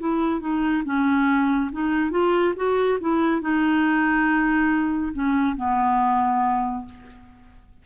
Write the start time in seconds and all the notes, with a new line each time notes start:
0.00 E4
0.41 D#4
0.85 C#4
1.72 D#4
2.12 F4
2.56 F#4
3.01 E4
3.42 D#4
5.14 C#4
5.57 B3